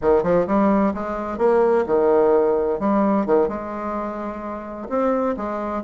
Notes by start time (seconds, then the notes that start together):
0.01 D#3
0.23 F3
0.46 G3
0.93 G#3
1.38 A#3
1.86 D#3
2.79 G3
3.26 D#3
3.48 G#3
4.89 C4
5.36 G#3